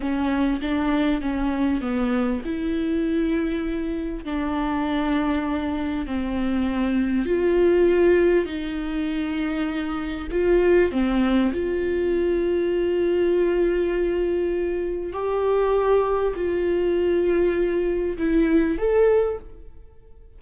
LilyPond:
\new Staff \with { instrumentName = "viola" } { \time 4/4 \tempo 4 = 99 cis'4 d'4 cis'4 b4 | e'2. d'4~ | d'2 c'2 | f'2 dis'2~ |
dis'4 f'4 c'4 f'4~ | f'1~ | f'4 g'2 f'4~ | f'2 e'4 a'4 | }